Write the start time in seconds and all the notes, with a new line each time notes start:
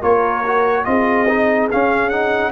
0.00 A#3 F4 A#4 C#5
0.46 F#4
0.85 C4 F4 G#4 D#5
1.28 D#4
1.72 C#4 F5
2.10 D#4 F#5